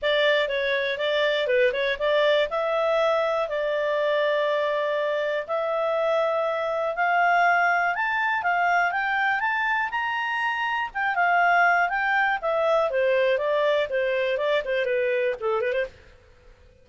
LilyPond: \new Staff \with { instrumentName = "clarinet" } { \time 4/4 \tempo 4 = 121 d''4 cis''4 d''4 b'8 cis''8 | d''4 e''2 d''4~ | d''2. e''4~ | e''2 f''2 |
a''4 f''4 g''4 a''4 | ais''2 g''8 f''4. | g''4 e''4 c''4 d''4 | c''4 d''8 c''8 b'4 a'8 b'16 c''16 | }